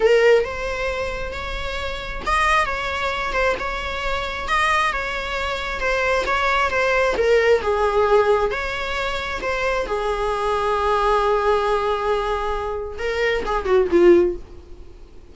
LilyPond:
\new Staff \with { instrumentName = "viola" } { \time 4/4 \tempo 4 = 134 ais'4 c''2 cis''4~ | cis''4 dis''4 cis''4. c''8 | cis''2 dis''4 cis''4~ | cis''4 c''4 cis''4 c''4 |
ais'4 gis'2 cis''4~ | cis''4 c''4 gis'2~ | gis'1~ | gis'4 ais'4 gis'8 fis'8 f'4 | }